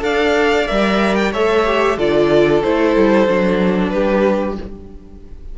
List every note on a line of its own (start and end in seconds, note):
0.00 0.67 D4
0.00 0.65 A4
0.00 1.33 D5
0.00 0.68 F5
0.68 1.35 G3
0.68 1.33 A#4
0.68 1.16 E5
1.16 1.32 G5
1.33 1.98 A3
1.33 1.66 A4
1.33 1.98 C#5
1.33 1.99 E5
1.66 1.98 G4
1.98 2.63 D3
1.98 2.64 F4
1.98 3.93 A4
1.98 2.63 D5
2.63 2.97 A3
2.63 3.28 E4
2.63 3.90 C5
2.97 3.28 G3
3.28 3.93 F#3
3.28 4.59 D4
3.90 4.58 G3
3.90 4.59 G4
3.90 4.55 B4